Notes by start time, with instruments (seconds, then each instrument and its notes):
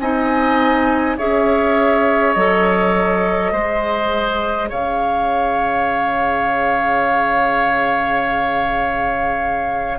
0.00 bassoon C4, clarinet D#4, oboe D#5, flute G#5
1.17 bassoon C#4, clarinet G#4, oboe C#5, flute E5
2.34 bassoon F#3, clarinet A4, flute D#5
3.52 bassoon G#3, clarinet G#4, oboe C5
4.69 bassoon C#3, oboe C#5, flute F5